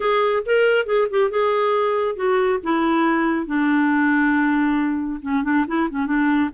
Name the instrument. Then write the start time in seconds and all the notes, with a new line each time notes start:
clarinet
0.00 G#4
0.45 A#4
0.86 G#4
1.10 G4
1.30 G#4
2.15 F#4
2.63 E4
3.46 D4
5.22 C#4
5.43 D4
5.67 E4
5.90 C#4
6.06 D4